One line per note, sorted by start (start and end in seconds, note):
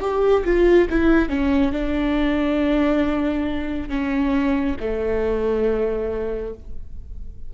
0.00 0.43 G4
0.45 0.88 F4
0.90 1.29 E4
1.29 1.72 C#4
1.72 3.89 D4
3.89 4.76 C#4
4.80 6.54 A3